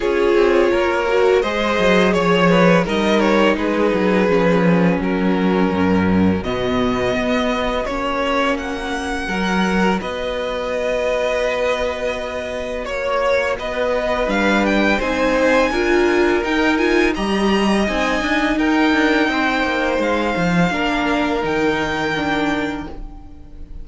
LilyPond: <<
  \new Staff \with { instrumentName = "violin" } { \time 4/4 \tempo 4 = 84 cis''2 dis''4 cis''4 | dis''8 cis''8 b'2 ais'4~ | ais'4 dis''2 cis''4 | fis''2 dis''2~ |
dis''2 cis''4 dis''4 | f''8 g''8 gis''2 g''8 gis''8 | ais''4 gis''4 g''2 | f''2 g''2 | }
  \new Staff \with { instrumentName = "violin" } { \time 4/4 gis'4 ais'4 c''4 cis''8 b'8 | ais'4 gis'2 fis'4~ | fis'1~ | fis'4 ais'4 b'2~ |
b'2 cis''4 b'4~ | b'4 c''4 ais'2 | dis''2 ais'4 c''4~ | c''4 ais'2. | }
  \new Staff \with { instrumentName = "viola" } { \time 4/4 f'4. fis'8 gis'2 | dis'2 cis'2~ | cis'4 b2 cis'4~ | cis'4 fis'2.~ |
fis'1 | d'4 dis'4 f'4 dis'8 f'8 | g'4 dis'2.~ | dis'4 d'4 dis'4 d'4 | }
  \new Staff \with { instrumentName = "cello" } { \time 4/4 cis'8 c'8 ais4 gis8 fis8 f4 | g4 gis8 fis8 f4 fis4 | fis,4 b,4 b4 ais4~ | ais4 fis4 b2~ |
b2 ais4 b4 | g4 c'4 d'4 dis'4 | g4 c'8 d'8 dis'8 d'8 c'8 ais8 | gis8 f8 ais4 dis2 | }
>>